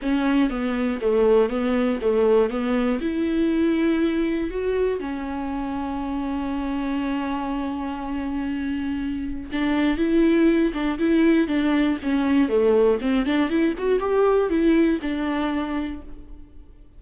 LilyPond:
\new Staff \with { instrumentName = "viola" } { \time 4/4 \tempo 4 = 120 cis'4 b4 a4 b4 | a4 b4 e'2~ | e'4 fis'4 cis'2~ | cis'1~ |
cis'2. d'4 | e'4. d'8 e'4 d'4 | cis'4 a4 c'8 d'8 e'8 fis'8 | g'4 e'4 d'2 | }